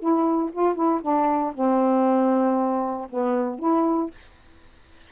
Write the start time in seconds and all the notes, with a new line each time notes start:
0.00 E4
0.53 F4
0.76 E4
1.03 D4
1.55 C4
3.10 B3
3.60 E4